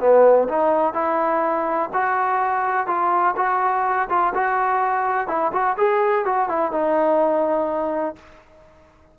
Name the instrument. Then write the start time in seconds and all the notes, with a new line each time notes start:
trombone
0.00 B3
0.48 D#4
0.94 E4
1.94 F#4
2.87 F4
3.37 F#4
4.09 F4
4.34 F#4
5.28 E4
5.52 F#4
5.77 G#4
6.25 F#4
6.49 E4
6.71 D#4